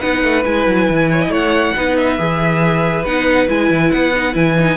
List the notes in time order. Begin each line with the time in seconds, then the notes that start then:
0.00 B3 D#4 B4 F#5
0.23 A3
0.45 G#3 E4 G#5
0.67 F#3
0.90 E3
1.12 C#5
1.22 D#5
1.29 A3 C#5 F#5
1.75 B3 D#4 B4
1.97 E5
2.18 E3 G#4
3.05 B3 D#4 F#5
3.48 G#3 E4 G#5
3.70 E3
3.92 B3 F#5
4.15 D#4
4.33 E3 E4 G#5
4.59 D#4